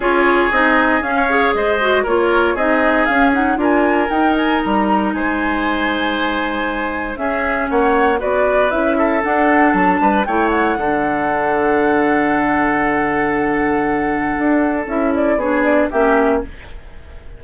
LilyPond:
<<
  \new Staff \with { instrumentName = "flute" } { \time 4/4 \tempo 4 = 117 cis''4 dis''4 f''4 dis''4 | cis''4 dis''4 f''8 fis''8 gis''4 | g''8 gis''8 ais''4 gis''2~ | gis''2 e''4 fis''4 |
d''4 e''4 fis''4 a''4 | g''8 fis''2.~ fis''8~ | fis''1~ | fis''4 e''8 d''8 cis''8 d''8 e''4 | }
  \new Staff \with { instrumentName = "oboe" } { \time 4/4 gis'2~ gis'16 cis''8. c''4 | ais'4 gis'2 ais'4~ | ais'2 c''2~ | c''2 gis'4 cis''4 |
b'4. a'2 b'8 | cis''4 a'2.~ | a'1~ | a'2 gis'4 g'4 | }
  \new Staff \with { instrumentName = "clarinet" } { \time 4/4 f'4 dis'4 cis'8 gis'4 fis'8 | f'4 dis'4 cis'8 dis'8 f'4 | dis'1~ | dis'2 cis'2 |
fis'4 e'4 d'2 | e'4 d'2.~ | d'1~ | d'4 e'4 d'4 cis'4 | }
  \new Staff \with { instrumentName = "bassoon" } { \time 4/4 cis'4 c'4 cis'4 gis4 | ais4 c'4 cis'4 d'4 | dis'4 g4 gis2~ | gis2 cis'4 ais4 |
b4 cis'4 d'4 fis8 g8 | a4 d2.~ | d1 | d'4 cis'4 b4 ais4 | }
>>